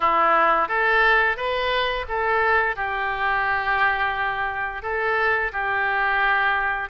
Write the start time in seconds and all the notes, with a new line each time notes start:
0.00 E4
0.68 A4
1.36 B4
2.08 A4
2.76 G4
4.82 A4
5.52 G4